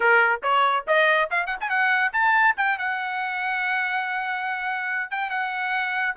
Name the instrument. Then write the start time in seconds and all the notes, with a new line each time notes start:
trumpet
0.00 A#4
0.43 C#5
0.87 D#5
1.30 F5
1.46 F#5
1.60 G#5
1.69 F#5
2.12 A5
2.56 G5
2.78 F#5
5.11 G5
5.30 F#5